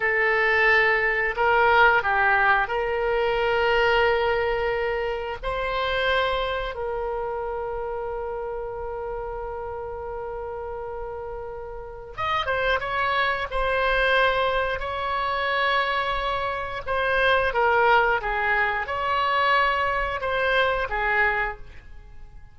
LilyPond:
\new Staff \with { instrumentName = "oboe" } { \time 4/4 \tempo 4 = 89 a'2 ais'4 g'4 | ais'1 | c''2 ais'2~ | ais'1~ |
ais'2 dis''8 c''8 cis''4 | c''2 cis''2~ | cis''4 c''4 ais'4 gis'4 | cis''2 c''4 gis'4 | }